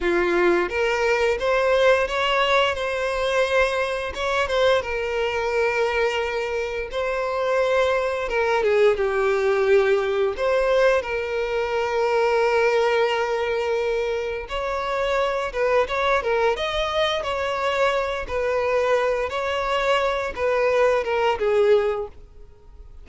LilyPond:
\new Staff \with { instrumentName = "violin" } { \time 4/4 \tempo 4 = 87 f'4 ais'4 c''4 cis''4 | c''2 cis''8 c''8 ais'4~ | ais'2 c''2 | ais'8 gis'8 g'2 c''4 |
ais'1~ | ais'4 cis''4. b'8 cis''8 ais'8 | dis''4 cis''4. b'4. | cis''4. b'4 ais'8 gis'4 | }